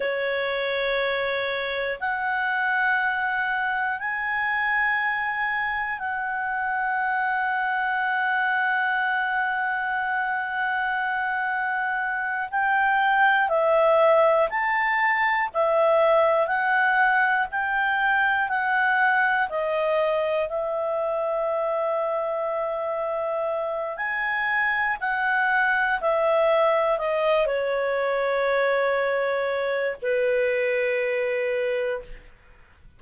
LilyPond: \new Staff \with { instrumentName = "clarinet" } { \time 4/4 \tempo 4 = 60 cis''2 fis''2 | gis''2 fis''2~ | fis''1~ | fis''8 g''4 e''4 a''4 e''8~ |
e''8 fis''4 g''4 fis''4 dis''8~ | dis''8 e''2.~ e''8 | gis''4 fis''4 e''4 dis''8 cis''8~ | cis''2 b'2 | }